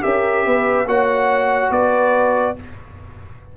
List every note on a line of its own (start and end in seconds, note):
0.00 0.46 C#4
0.00 0.85 G4
0.00 0.46 A#4
0.00 0.87 E5
0.46 0.85 B3
0.46 0.87 B4
0.85 1.69 A#3
0.85 2.56 F#4
0.85 1.72 C#5
0.85 1.71 F#5
1.70 2.54 B3
1.70 2.56 B4
1.70 2.56 D5